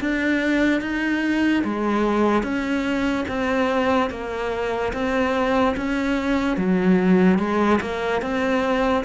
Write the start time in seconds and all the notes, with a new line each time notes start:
0.00 D4
0.81 D#4
1.64 G#3
2.42 C#4
3.28 C4
4.10 A#3
4.93 C4
5.76 C#4
6.57 F#3
7.39 G#3
7.81 A#3
8.22 C4